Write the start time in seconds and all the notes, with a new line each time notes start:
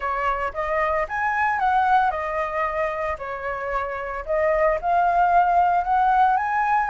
0.00 C#5
0.53 D#5
1.08 G#5
1.59 F#5
2.10 D#5
3.18 C#5
4.25 D#5
4.81 F5
5.83 F#5
6.36 G#5